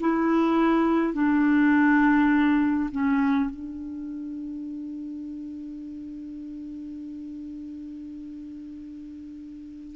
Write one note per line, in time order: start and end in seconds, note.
0.00 1.14 E4
1.14 2.90 D4
2.91 3.50 C#4
3.50 9.96 D4